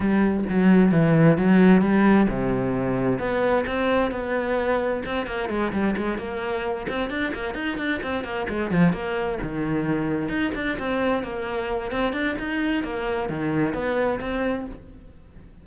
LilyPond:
\new Staff \with { instrumentName = "cello" } { \time 4/4 \tempo 4 = 131 g4 fis4 e4 fis4 | g4 c2 b4 | c'4 b2 c'8 ais8 | gis8 g8 gis8 ais4. c'8 d'8 |
ais8 dis'8 d'8 c'8 ais8 gis8 f8 ais8~ | ais8 dis2 dis'8 d'8 c'8~ | c'8 ais4. c'8 d'8 dis'4 | ais4 dis4 b4 c'4 | }